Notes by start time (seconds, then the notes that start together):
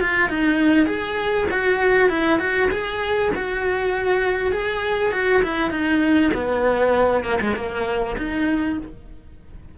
0.00 F4
0.29 D#4
0.86 G#4
1.50 F#4
2.09 E4
2.39 F#4
2.71 G#4
3.35 F#4
4.52 G#4
5.12 F#4
5.42 E4
5.70 D#4
6.33 B3
7.24 A#3
7.40 G#3
7.56 A#3
8.17 D#4